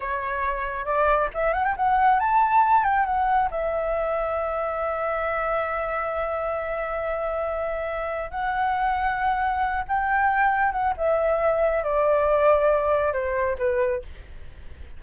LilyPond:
\new Staff \with { instrumentName = "flute" } { \time 4/4 \tempo 4 = 137 cis''2 d''4 e''8 fis''16 g''16 | fis''4 a''4. g''8 fis''4 | e''1~ | e''1~ |
e''2. fis''4~ | fis''2~ fis''8 g''4.~ | g''8 fis''8 e''2 d''4~ | d''2 c''4 b'4 | }